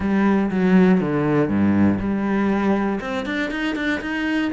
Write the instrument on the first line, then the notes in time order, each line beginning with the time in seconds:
cello
0.00 G3
0.50 F#3
1.00 D3
1.48 G2
1.99 G3
3.00 C4
3.25 D4
3.50 D#4
3.75 D4
4.01 D#4